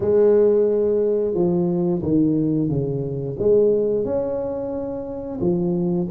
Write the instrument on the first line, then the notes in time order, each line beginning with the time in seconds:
tuba
0.00 G#3
1.34 F3
2.02 D#3
2.69 C#3
3.38 G#3
4.04 C#4
5.40 F3